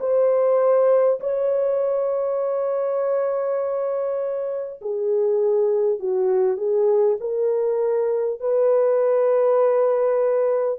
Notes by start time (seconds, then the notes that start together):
0.00 C5
1.21 C#5
4.82 G#4
5.99 F#4
6.57 G#4
7.21 A#4
8.41 B4